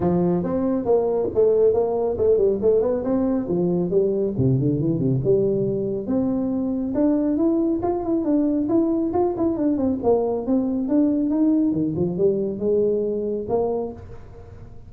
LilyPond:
\new Staff \with { instrumentName = "tuba" } { \time 4/4 \tempo 4 = 138 f4 c'4 ais4 a4 | ais4 a8 g8 a8 b8 c'4 | f4 g4 c8 d8 e8 c8 | g2 c'2 |
d'4 e'4 f'8 e'8 d'4 | e'4 f'8 e'8 d'8 c'8 ais4 | c'4 d'4 dis'4 dis8 f8 | g4 gis2 ais4 | }